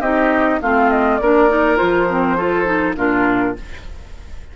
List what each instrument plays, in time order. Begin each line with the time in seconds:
0.00 bassoon C4, clarinet D#4, oboe G4, flute D#5
0.61 bassoon A3, clarinet C4, oboe F4, flute F5
0.90 flute D#5
1.17 bassoon A#3, clarinet D4, oboe A#4, flute D5
1.49 clarinet D#4
1.76 bassoon F3, clarinet F4, flute C5
2.09 clarinet C4
2.37 clarinet F4, oboe A4
2.65 clarinet D#4
2.96 bassoon A#2, clarinet D4, oboe F4, flute A#4